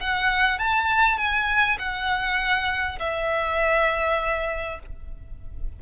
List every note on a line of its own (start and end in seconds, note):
0.00 0.58 F#5
0.58 1.18 A5
1.18 1.78 G#5
1.78 2.98 F#5
2.99 4.79 E5